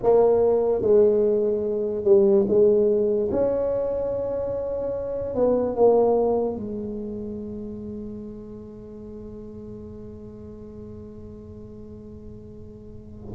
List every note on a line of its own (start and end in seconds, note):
0.02 0.81 A#3
0.81 2.04 G#3
2.04 2.45 G3
2.47 3.30 G#3
3.31 5.35 C#4
5.35 5.75 B3
5.75 6.56 A#3
6.56 13.34 G#3